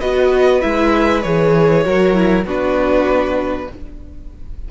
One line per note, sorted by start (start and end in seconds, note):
0.00 0.63 B3
0.00 0.61 F#4
0.00 1.84 B4
0.00 0.61 D#5
0.61 1.25 G#3
0.61 1.23 E4
0.61 1.22 E5
1.22 1.85 E3
1.22 1.85 G#4
1.22 2.44 C#5
1.85 2.45 F#3
1.85 2.14 F#4
1.85 2.46 A#4
2.14 2.44 E4
2.45 3.67 B3
2.45 3.70 D4
2.45 3.68 F#4
2.45 3.71 B4